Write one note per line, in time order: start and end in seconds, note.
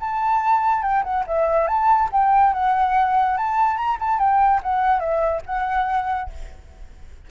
0.00 0.82 A5
0.82 1.03 G5
1.04 1.25 F#5
1.27 1.67 E5
1.67 2.09 A5
2.12 2.53 G5
2.53 3.37 F#5
3.37 3.77 A5
3.77 3.98 A#5
4.00 4.19 A5
4.19 4.61 G5
4.63 5.00 F#5
5.00 5.42 E5
5.46 6.30 F#5